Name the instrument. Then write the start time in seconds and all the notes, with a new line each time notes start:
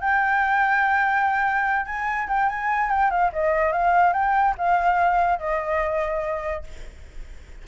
flute
0.00 G5
1.86 G#5
2.28 G5
2.49 G#5
2.89 G5
3.10 F5
3.32 D#5
3.72 F5
4.13 G5
4.57 F5
5.39 D#5